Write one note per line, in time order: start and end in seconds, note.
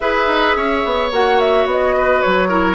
0.00 0.27 E4
0.00 1.11 G#4
0.00 0.56 B4
0.00 1.10 E5
0.27 0.55 D#4
0.55 0.83 C#4
0.55 1.95 C#5
0.84 1.11 B3
1.11 1.65 A#3
1.11 2.49 F#4
1.11 1.39 F#5
1.39 1.67 E5
1.65 2.21 B3
1.65 2.21 D#5
1.97 2.48 B4
2.21 2.75 F#3
2.21 2.75 C#5
2.48 2.75 E4
2.48 2.75 A#4